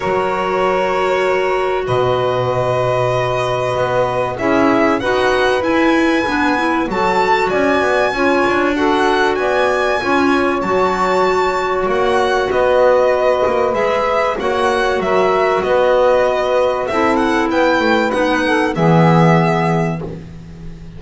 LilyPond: <<
  \new Staff \with { instrumentName = "violin" } { \time 4/4 \tempo 4 = 96 cis''2. dis''4~ | dis''2. e''4 | fis''4 gis''2 a''4 | gis''2 fis''4 gis''4~ |
gis''4 a''2 fis''4 | dis''2 e''4 fis''4 | e''4 dis''2 e''8 fis''8 | g''4 fis''4 e''2 | }
  \new Staff \with { instrumentName = "saxophone" } { \time 4/4 ais'2. b'4~ | b'2. gis'4 | b'2. a'4 | d''4 cis''4 a'4 d''4 |
cis''1 | b'2. cis''4 | ais'4 b'2 a'4 | b'4. a'8 gis'2 | }
  \new Staff \with { instrumentName = "clarinet" } { \time 4/4 fis'1~ | fis'2. e'4 | fis'4 e'4 d'8 e'8 fis'4~ | fis'4 f'4 fis'2 |
f'4 fis'2.~ | fis'2 gis'4 fis'4~ | fis'2. e'4~ | e'4 dis'4 b2 | }
  \new Staff \with { instrumentName = "double bass" } { \time 4/4 fis2. b,4~ | b,2 b4 cis'4 | dis'4 e'4 b4 fis4 | cis'8 b8 cis'8 d'4. b4 |
cis'4 fis2 ais4 | b4. ais8 gis4 ais4 | fis4 b2 c'4 | b8 a8 b4 e2 | }
>>